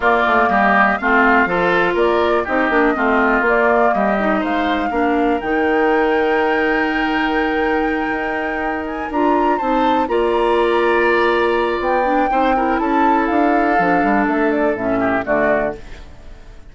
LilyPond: <<
  \new Staff \with { instrumentName = "flute" } { \time 4/4 \tempo 4 = 122 d''4 dis''4 f''2 | d''4 dis''2 d''4 | dis''4 f''2 g''4~ | g''1~ |
g''2 gis''8 ais''4 a''8~ | a''8 ais''2.~ ais''8 | g''2 a''4 f''4~ | f''4 e''8 d''8 e''4 d''4 | }
  \new Staff \with { instrumentName = "oboe" } { \time 4/4 f'4 g'4 f'4 a'4 | ais'4 g'4 f'2 | g'4 c''4 ais'2~ | ais'1~ |
ais'2.~ ais'8 c''8~ | c''8 d''2.~ d''8~ | d''4 c''8 ais'8 a'2~ | a'2~ a'8 g'8 fis'4 | }
  \new Staff \with { instrumentName = "clarinet" } { \time 4/4 ais2 c'4 f'4~ | f'4 dis'8 d'8 c'4 ais4~ | ais8 dis'4. d'4 dis'4~ | dis'1~ |
dis'2~ dis'8 f'4 dis'8~ | dis'8 f'2.~ f'8~ | f'8 d'8 dis'8 e'2~ e'8 | d'2 cis'4 a4 | }
  \new Staff \with { instrumentName = "bassoon" } { \time 4/4 ais8 a8 g4 a4 f4 | ais4 c'8 ais8 a4 ais4 | g4 gis4 ais4 dis4~ | dis1~ |
dis8 dis'2 d'4 c'8~ | c'8 ais2.~ ais8 | b4 c'4 cis'4 d'4 | f8 g8 a4 a,4 d4 | }
>>